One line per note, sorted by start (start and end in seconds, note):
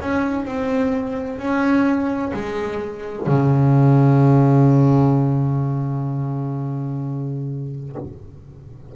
0.00 0.45 C#4
0.45 1.38 C4
1.38 2.32 C#4
2.33 3.26 G#3
3.26 7.95 C#3